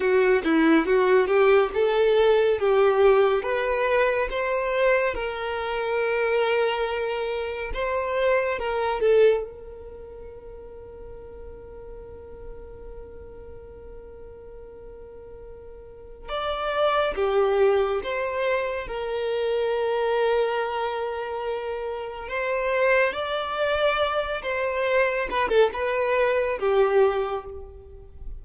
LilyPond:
\new Staff \with { instrumentName = "violin" } { \time 4/4 \tempo 4 = 70 fis'8 e'8 fis'8 g'8 a'4 g'4 | b'4 c''4 ais'2~ | ais'4 c''4 ais'8 a'8 ais'4~ | ais'1~ |
ais'2. d''4 | g'4 c''4 ais'2~ | ais'2 c''4 d''4~ | d''8 c''4 b'16 a'16 b'4 g'4 | }